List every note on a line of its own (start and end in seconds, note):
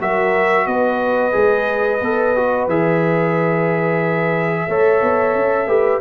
0.00 0.67 F#3
0.00 1.32 F#4
0.00 0.67 A#4
0.00 0.67 E5
0.67 1.33 B3
0.67 4.68 B4
0.67 2.67 D#5
1.32 2.01 G#3
1.32 1.98 G#4
2.01 2.67 B3
2.01 2.36 A4
2.36 2.69 F#4
2.67 4.67 E3
2.67 4.69 G#4
2.67 6.01 E5
4.68 5.01 A3
4.68 5.68 A4
4.68 5.68 C#5
5.01 5.35 B3
5.35 5.66 C#4
5.66 6.00 A3
5.66 6.01 G4
5.66 6.01 B4